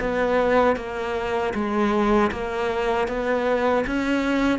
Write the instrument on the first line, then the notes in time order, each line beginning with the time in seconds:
cello
0.00 B3
0.76 A#3
1.54 G#3
2.31 A#3
3.08 B3
3.87 C#4